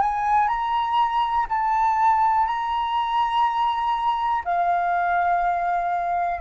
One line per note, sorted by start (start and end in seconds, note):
0.00 0.48 G#5
0.48 1.46 A#5
1.49 2.46 A5
2.46 4.43 A#5
4.44 6.41 F5